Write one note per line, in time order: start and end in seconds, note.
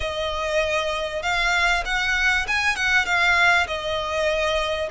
0.00 1.22 D#5
1.22 1.83 F5
1.85 2.46 F#5
2.47 2.76 G#5
2.76 3.05 F#5
3.05 3.66 F5
3.67 4.89 D#5